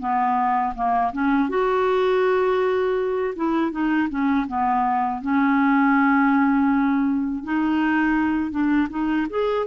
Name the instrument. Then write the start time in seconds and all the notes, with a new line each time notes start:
clarinet
0.00 B3
0.75 A#3
1.13 C#4
1.49 F#4
3.36 E4
3.72 D#4
4.10 C#4
4.47 B3
5.22 C#4
7.44 D#4
8.51 D4
8.90 D#4
9.30 G#4